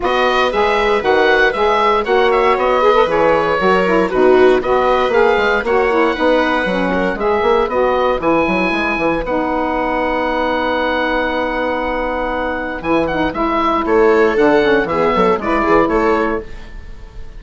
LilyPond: <<
  \new Staff \with { instrumentName = "oboe" } { \time 4/4 \tempo 4 = 117 dis''4 e''4 fis''4 e''4 | fis''8 e''8 dis''4 cis''2 | b'4 dis''4 f''4 fis''4~ | fis''2 e''4 dis''4 |
gis''2 fis''2~ | fis''1~ | fis''4 gis''8 fis''8 e''4 cis''4 | fis''4 e''4 d''4 cis''4 | }
  \new Staff \with { instrumentName = "viola" } { \time 4/4 b'1 | cis''4. b'4. ais'4 | fis'4 b'2 cis''4 | b'4. ais'8 b'2~ |
b'1~ | b'1~ | b'2. a'4~ | a'4 gis'8 a'8 b'8 gis'8 a'4 | }
  \new Staff \with { instrumentName = "saxophone" } { \time 4/4 fis'4 gis'4 fis'4 gis'4 | fis'4. gis'16 a'16 gis'4 fis'8 e'8 | dis'4 fis'4 gis'4 fis'8 e'8 | dis'4 cis'4 gis'4 fis'4 |
e'2 dis'2~ | dis'1~ | dis'4 e'8 dis'8 e'2 | d'8 cis'8 b4 e'2 | }
  \new Staff \with { instrumentName = "bassoon" } { \time 4/4 b4 gis4 dis4 gis4 | ais4 b4 e4 fis4 | b,4 b4 ais8 gis8 ais4 | b4 fis4 gis8 ais8 b4 |
e8 fis8 gis8 e8 b2~ | b1~ | b4 e4 gis4 a4 | d4 e8 fis8 gis8 e8 a4 | }
>>